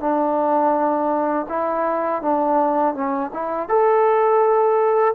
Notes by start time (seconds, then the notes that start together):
0.00 D4
1.49 E4
2.22 D4
2.94 C#4
3.33 E4
3.69 A4